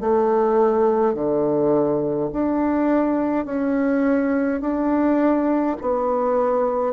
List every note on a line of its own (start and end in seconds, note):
0.00 1.14 A3
1.14 2.29 D3
2.32 3.45 D4
3.45 4.60 C#4
4.60 5.76 D4
5.81 6.93 B3